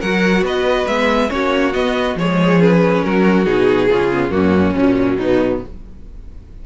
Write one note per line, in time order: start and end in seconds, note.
0.00 0.42 F#3
0.00 0.88 F#4
0.00 0.43 A#4
0.00 0.44 F#5
0.42 0.85 B3
0.42 1.31 B4
0.42 0.87 D#5
0.87 1.30 G#3
0.87 1.28 B3
0.87 1.29 E5
1.28 1.75 A#3
1.28 1.71 C#4
1.28 2.19 F#4
1.28 1.73 C#5
1.73 2.16 B3
1.73 2.15 B3
1.73 2.16 D#5
2.15 3.02 F3
2.15 2.60 G#3
2.15 3.05 G#4
2.15 2.61 C#5
2.60 3.45 C#4
2.60 3.04 B4
3.04 3.46 F#3
3.04 3.90 F#4
3.04 3.45 A#4
3.45 3.89 B2
3.45 3.88 D#4
3.45 4.30 G#4
3.90 4.31 C#3
3.90 4.11 C#4
3.90 4.33 F4
4.13 4.30 B3
4.30 4.74 F#2
4.30 4.73 A#3
4.30 5.22 C#4
4.30 4.74 F#4
4.75 5.17 A#2
4.75 5.63 F#3
4.75 5.18 C#4
5.17 5.60 B2
5.17 5.66 B3
5.17 5.61 D#4